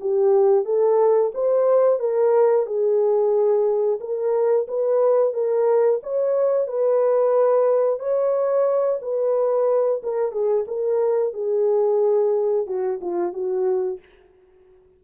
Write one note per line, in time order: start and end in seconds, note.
0.00 0.65 G4
0.65 1.32 A4
1.34 1.99 C5
1.99 2.65 A#4
2.65 3.99 G#4
4.00 4.66 A#4
4.68 5.33 B4
5.33 6.00 A#4
6.03 6.67 C#5
6.67 7.99 B4
7.99 8.99 C#5
9.02 10.02 B4
10.02 10.31 A#4
10.31 10.65 G#4
10.67 11.33 A#4
11.33 12.66 G#4
12.66 12.99 F#4
13.00 13.32 F4
13.32 13.99 F#4